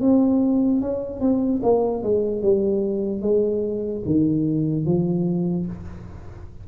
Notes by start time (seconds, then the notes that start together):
0.00 C4
0.81 C#4
1.20 C4
1.63 A#3
2.03 G#3
2.42 G3
3.21 G#3
4.05 D#3
4.85 F3